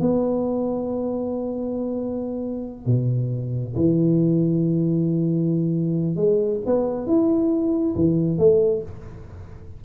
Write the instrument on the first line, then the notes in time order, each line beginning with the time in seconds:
tuba
0.00 B3
2.86 B2
3.76 E3
6.16 G#3
6.66 B3
7.06 E4
7.95 E3
8.38 A3